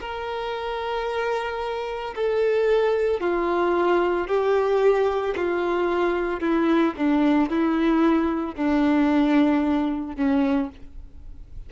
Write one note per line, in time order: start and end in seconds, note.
0.00 2.14 A#4
2.15 3.20 A4
3.20 4.28 F4
4.28 5.35 G4
5.36 6.40 F4
6.40 6.94 E4
6.97 7.50 D4
7.50 8.55 E4
8.55 10.16 D4
10.16 10.69 C#4